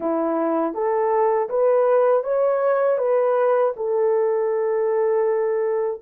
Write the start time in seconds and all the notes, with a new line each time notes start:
0.00 E4
0.74 A4
1.49 B4
2.23 C#5
2.98 B4
3.76 A4